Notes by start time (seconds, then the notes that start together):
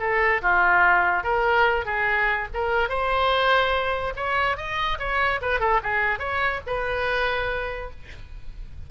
0.00 A4
0.42 F4
1.24 A#4
1.85 G#4
2.54 A#4
2.89 C5
4.16 C#5
4.57 D#5
4.99 C#5
5.41 B4
5.60 A4
5.83 G#4
6.19 C#5
6.66 B4